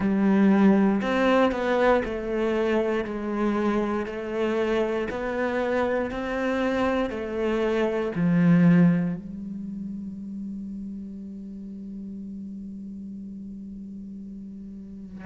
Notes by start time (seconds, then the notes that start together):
0.00 G3
1.01 C4
1.51 B3
2.04 A3
3.04 G#3
4.06 A3
5.10 B3
6.11 C4
7.10 A3
8.14 F3
9.16 G3